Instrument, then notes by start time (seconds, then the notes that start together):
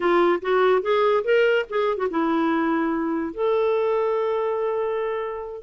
clarinet
0.00 F4
0.41 F#4
0.82 G#4
1.23 A#4
1.69 G#4
1.97 F#4
2.10 E4
3.33 A4